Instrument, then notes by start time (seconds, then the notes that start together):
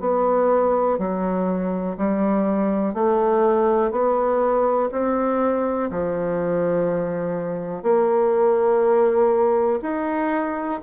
bassoon
0.00 B3
0.98 F#3
1.97 G3
2.94 A3
3.91 B3
4.91 C4
5.91 F3
7.83 A#3
9.82 D#4